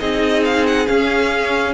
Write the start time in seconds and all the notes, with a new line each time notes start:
0.00 C4 D#4 G#4 D#5
0.45 F5
0.67 F#5
0.87 C#4 F5